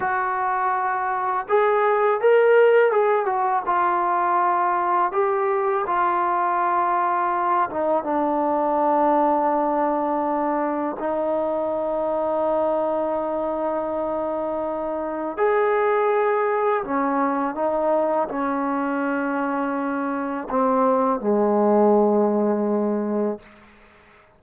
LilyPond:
\new Staff \with { instrumentName = "trombone" } { \time 4/4 \tempo 4 = 82 fis'2 gis'4 ais'4 | gis'8 fis'8 f'2 g'4 | f'2~ f'8 dis'8 d'4~ | d'2. dis'4~ |
dis'1~ | dis'4 gis'2 cis'4 | dis'4 cis'2. | c'4 gis2. | }